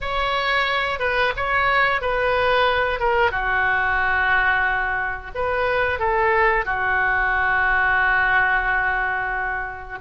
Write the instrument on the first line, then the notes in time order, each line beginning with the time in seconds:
oboe
0.00 C#5
0.99 B4
1.36 C#5
2.01 B4
2.99 A#4
3.31 F#4
5.35 B4
5.99 A4
6.65 F#4